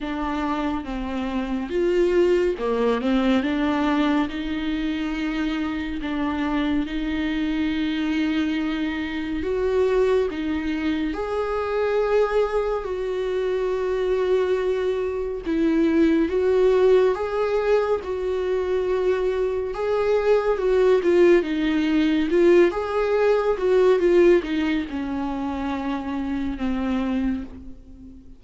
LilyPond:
\new Staff \with { instrumentName = "viola" } { \time 4/4 \tempo 4 = 70 d'4 c'4 f'4 ais8 c'8 | d'4 dis'2 d'4 | dis'2. fis'4 | dis'4 gis'2 fis'4~ |
fis'2 e'4 fis'4 | gis'4 fis'2 gis'4 | fis'8 f'8 dis'4 f'8 gis'4 fis'8 | f'8 dis'8 cis'2 c'4 | }